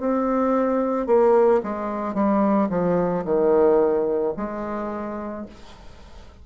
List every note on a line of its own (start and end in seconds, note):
0.00 1.07 C4
1.07 1.61 A#3
1.63 2.14 G#3
2.14 2.69 G3
2.69 3.24 F3
3.25 4.34 D#3
4.37 5.46 G#3